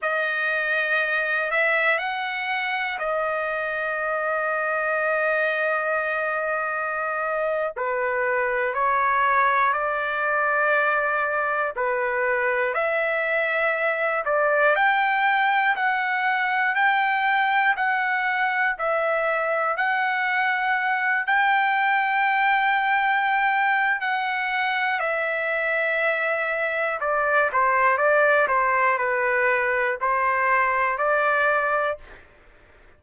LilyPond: \new Staff \with { instrumentName = "trumpet" } { \time 4/4 \tempo 4 = 60 dis''4. e''8 fis''4 dis''4~ | dis''2.~ dis''8. b'16~ | b'8. cis''4 d''2 b'16~ | b'8. e''4. d''8 g''4 fis''16~ |
fis''8. g''4 fis''4 e''4 fis''16~ | fis''4~ fis''16 g''2~ g''8. | fis''4 e''2 d''8 c''8 | d''8 c''8 b'4 c''4 d''4 | }